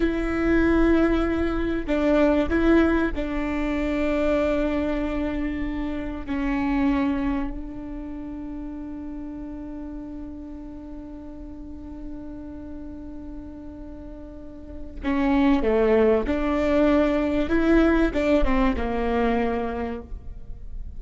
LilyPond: \new Staff \with { instrumentName = "viola" } { \time 4/4 \tempo 4 = 96 e'2. d'4 | e'4 d'2.~ | d'2 cis'2 | d'1~ |
d'1~ | d'1 | cis'4 a4 d'2 | e'4 d'8 c'8 ais2 | }